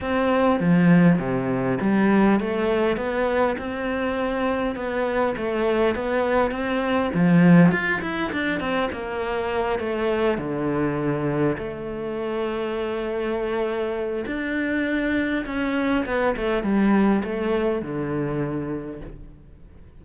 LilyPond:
\new Staff \with { instrumentName = "cello" } { \time 4/4 \tempo 4 = 101 c'4 f4 c4 g4 | a4 b4 c'2 | b4 a4 b4 c'4 | f4 f'8 e'8 d'8 c'8 ais4~ |
ais8 a4 d2 a8~ | a1 | d'2 cis'4 b8 a8 | g4 a4 d2 | }